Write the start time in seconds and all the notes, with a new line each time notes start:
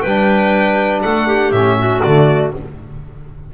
0.00 G3 B4 G5
0.08 D4
1.02 A3 A4 F#5
1.27 G4
1.51 A2 C#4 E5
1.78 F#4
2.02 D3 A3 D5